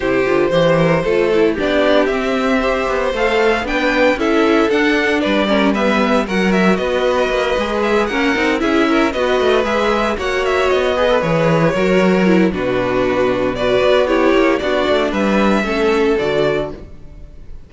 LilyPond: <<
  \new Staff \with { instrumentName = "violin" } { \time 4/4 \tempo 4 = 115 c''2. d''4 | e''2 f''4 g''4 | e''4 fis''4 d''4 e''4 | fis''8 e''8 dis''2 e''8 fis''8~ |
fis''8 e''4 dis''4 e''4 fis''8 | e''8 dis''4 cis''2~ cis''8 | b'2 d''4 cis''4 | d''4 e''2 d''4 | }
  \new Staff \with { instrumentName = "violin" } { \time 4/4 g'4 c''8 ais'8 a'4 g'4~ | g'4 c''2 b'4 | a'2 b'8 ais'8 b'4 | ais'4 b'2~ b'8 ais'8~ |
ais'8 gis'8 ais'8 b'2 cis''8~ | cis''4 b'4. ais'4. | fis'2 b'4 g'4 | fis'4 b'4 a'2 | }
  \new Staff \with { instrumentName = "viola" } { \time 4/4 e'8 f'8 g'4 f'8 e'8 d'4 | c'4 g'4 a'4 d'4 | e'4 d'4. cis'8 b4 | fis'2~ fis'8 gis'4 cis'8 |
dis'8 e'4 fis'4 gis'4 fis'8~ | fis'4 gis'16 a'16 gis'4 fis'4 e'8 | d'2 fis'4 e'4 | d'2 cis'4 fis'4 | }
  \new Staff \with { instrumentName = "cello" } { \time 4/4 c8 d8 e4 a4 b4 | c'4. b8 a4 b4 | cis'4 d'4 g2 | fis4 b4 ais8 gis4 ais8 |
c'8 cis'4 b8 a8 gis4 ais8~ | ais8 b4 e4 fis4. | b,2~ b,8 b4 ais8 | b8 a8 g4 a4 d4 | }
>>